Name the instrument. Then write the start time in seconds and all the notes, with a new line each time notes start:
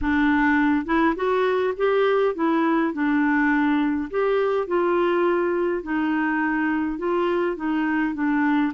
clarinet
0.01 D4
0.85 E4
1.15 F#4
1.76 G4
2.35 E4
2.93 D4
4.10 G4
4.67 F4
5.83 D#4
6.98 F4
7.56 D#4
8.14 D4